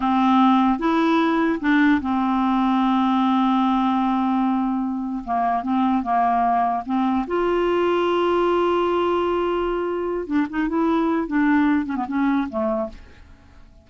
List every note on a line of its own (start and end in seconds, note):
0.00 0.78 C4
0.78 1.59 E4
1.60 2.00 D4
2.01 5.23 C4
5.24 5.63 A#3
5.63 6.03 C4
6.03 6.83 A#3
6.85 7.26 C4
7.27 10.26 F4
10.26 10.46 D4
10.49 10.68 D#4
10.68 11.27 E4
11.27 11.85 D4
11.85 11.95 C#4
11.96 12.06 B3
12.07 12.48 C#4
12.49 12.89 A3